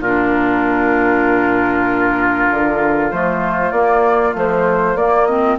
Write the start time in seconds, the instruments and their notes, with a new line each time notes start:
0.00 bassoon A#2, clarinet D4, oboe F4, flute A#4
2.51 bassoon D3
3.11 bassoon F3, clarinet A3, flute C5
3.72 bassoon A#3, clarinet A#3, flute D5
4.34 clarinet F3, bassoon A3, flute C5
4.96 bassoon A#3, clarinet A#3, flute D5
5.26 clarinet C4, flute D#5